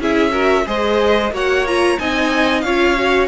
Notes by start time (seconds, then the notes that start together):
0.00 C#4 E4 G#4 E5
0.32 F#4 A#4
0.67 G#3 G#4 C5 D#5
1.32 A#3 F#4 C#5 F#5
1.67 F4 A#5
1.99 C4 D#4 D#5 G#5
2.61 C#4 F4 C#5 F5
2.98 F#4